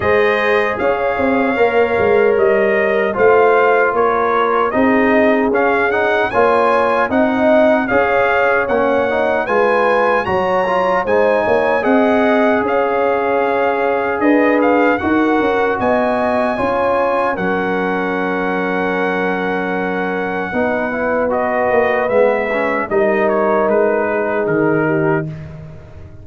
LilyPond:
<<
  \new Staff \with { instrumentName = "trumpet" } { \time 4/4 \tempo 4 = 76 dis''4 f''2 dis''4 | f''4 cis''4 dis''4 f''8 fis''8 | gis''4 fis''4 f''4 fis''4 | gis''4 ais''4 gis''4 fis''4 |
f''2 dis''8 f''8 fis''4 | gis''2 fis''2~ | fis''2. dis''4 | e''4 dis''8 cis''8 b'4 ais'4 | }
  \new Staff \with { instrumentName = "horn" } { \time 4/4 c''4 cis''2. | c''4 ais'4 gis'2 | cis''4 dis''4 cis''2 | b'4 cis''4 c''8 cis''8 dis''4 |
cis''2 b'4 ais'4 | dis''4 cis''4 ais'2~ | ais'2 b'2~ | b'4 ais'4. gis'4 g'8 | }
  \new Staff \with { instrumentName = "trombone" } { \time 4/4 gis'2 ais'2 | f'2 dis'4 cis'8 dis'8 | f'4 dis'4 gis'4 cis'8 dis'8 | f'4 fis'8 f'8 dis'4 gis'4~ |
gis'2. fis'4~ | fis'4 f'4 cis'2~ | cis'2 dis'8 e'8 fis'4 | b8 cis'8 dis'2. | }
  \new Staff \with { instrumentName = "tuba" } { \time 4/4 gis4 cis'8 c'8 ais8 gis8 g4 | a4 ais4 c'4 cis'4 | ais4 c'4 cis'4 ais4 | gis4 fis4 gis8 ais8 c'4 |
cis'2 d'4 dis'8 cis'8 | b4 cis'4 fis2~ | fis2 b4. ais8 | gis4 g4 gis4 dis4 | }
>>